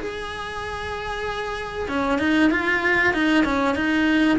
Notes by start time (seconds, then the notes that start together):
0.00 G#4
1.89 C#4
2.19 D#4
2.51 F4
3.14 D#4
3.45 C#4
3.75 D#4